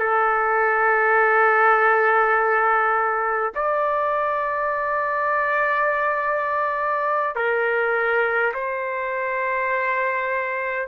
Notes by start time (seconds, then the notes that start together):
0.00 A4
3.56 D5
7.36 A#4
8.54 C5